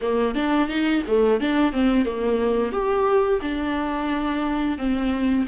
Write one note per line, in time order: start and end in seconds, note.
0.01 0.34 A#3
0.34 0.68 D4
0.68 1.02 D#4
1.07 1.40 A3
1.40 1.72 D4
1.72 2.05 C4
2.05 2.71 A#3
2.71 3.40 G4
3.41 4.78 D4
4.78 5.46 C4